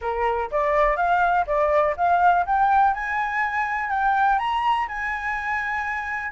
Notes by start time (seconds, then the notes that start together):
0.01 A#4
0.51 D5
0.96 F5
1.46 D5
1.96 F5
2.45 G5
2.94 G#5
3.90 G5
4.38 A#5
4.88 G#5